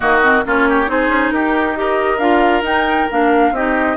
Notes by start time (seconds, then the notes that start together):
0.00 D#3 A#3 F#4 D#5
0.23 C4
0.45 A#3 C#4 F4 C#5
0.69 G4
0.86 C4 D#4 G#4 C5
1.08 C#4
1.30 D#4 G4 A#4
1.74 G4 A#4 D#5
2.18 D4 F4 F5
2.61 D#4 G5
3.10 A#3 D4 F5
3.51 C4 D#4 G4 D#5